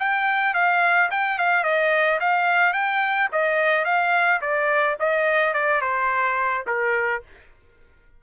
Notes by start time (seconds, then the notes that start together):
0.00 G5
0.55 F5
1.11 G5
1.39 F5
1.64 D#5
2.20 F5
2.74 G5
3.33 D#5
3.85 F5
4.42 D5
5.00 D#5
5.54 D5
5.82 C5
6.67 A#4